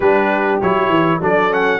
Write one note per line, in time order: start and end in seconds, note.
0.00 0.59 G3
0.00 0.61 D4
0.00 1.20 G4
0.00 0.60 B4
0.61 0.89 F#3
0.61 1.20 E4
0.61 1.21 C#5
0.89 1.19 E3
1.20 1.80 F#3
1.20 1.49 D4
1.20 1.80 A4
1.20 1.53 D5
1.49 1.80 C#4
1.49 1.80 F#5